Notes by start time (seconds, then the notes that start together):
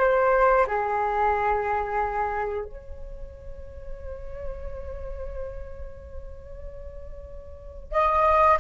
0.00 C5
0.67 G#4
2.64 C#5
7.92 D#5